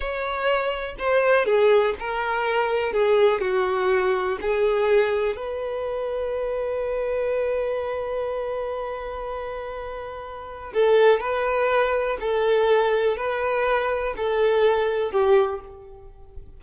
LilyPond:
\new Staff \with { instrumentName = "violin" } { \time 4/4 \tempo 4 = 123 cis''2 c''4 gis'4 | ais'2 gis'4 fis'4~ | fis'4 gis'2 b'4~ | b'1~ |
b'1~ | b'2 a'4 b'4~ | b'4 a'2 b'4~ | b'4 a'2 g'4 | }